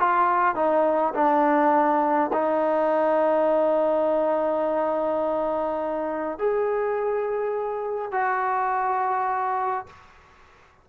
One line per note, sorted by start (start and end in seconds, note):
0.00 0.55 F4
0.55 1.14 D#4
1.15 2.31 D4
2.33 6.39 D#4
6.39 8.12 G#4
8.12 9.87 F#4